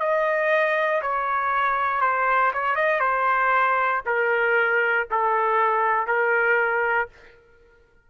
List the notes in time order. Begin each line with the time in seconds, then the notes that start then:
0.00 D#5
1.02 C#5
2.02 C5
2.54 C#5
2.76 D#5
3.00 C5
4.06 A#4
5.11 A4
6.07 A#4